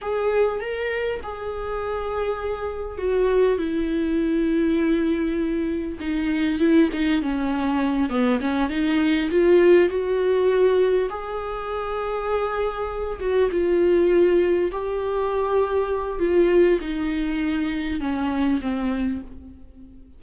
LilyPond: \new Staff \with { instrumentName = "viola" } { \time 4/4 \tempo 4 = 100 gis'4 ais'4 gis'2~ | gis'4 fis'4 e'2~ | e'2 dis'4 e'8 dis'8 | cis'4. b8 cis'8 dis'4 f'8~ |
f'8 fis'2 gis'4.~ | gis'2 fis'8 f'4.~ | f'8 g'2~ g'8 f'4 | dis'2 cis'4 c'4 | }